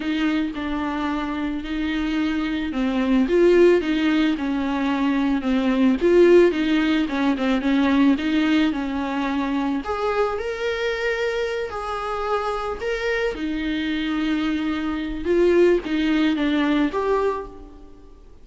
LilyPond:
\new Staff \with { instrumentName = "viola" } { \time 4/4 \tempo 4 = 110 dis'4 d'2 dis'4~ | dis'4 c'4 f'4 dis'4 | cis'2 c'4 f'4 | dis'4 cis'8 c'8 cis'4 dis'4 |
cis'2 gis'4 ais'4~ | ais'4. gis'2 ais'8~ | ais'8 dis'2.~ dis'8 | f'4 dis'4 d'4 g'4 | }